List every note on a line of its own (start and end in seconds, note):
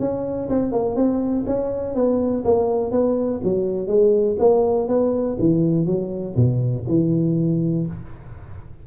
0.00 0.49 C#4
0.50 0.72 C4
0.72 0.96 A#3
0.96 1.45 C4
1.47 1.95 C#4
1.95 2.44 B3
2.45 2.92 A#3
2.92 3.41 B3
3.44 3.88 F#3
3.88 4.37 G#3
4.39 4.88 A#3
4.88 5.38 B3
5.40 5.87 E3
5.87 6.36 F#3
6.37 6.86 B2
6.89 7.87 E3